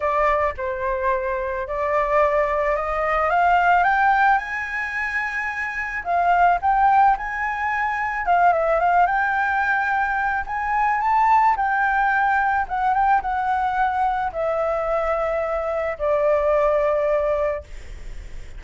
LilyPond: \new Staff \with { instrumentName = "flute" } { \time 4/4 \tempo 4 = 109 d''4 c''2 d''4~ | d''4 dis''4 f''4 g''4 | gis''2. f''4 | g''4 gis''2 f''8 e''8 |
f''8 g''2~ g''8 gis''4 | a''4 g''2 fis''8 g''8 | fis''2 e''2~ | e''4 d''2. | }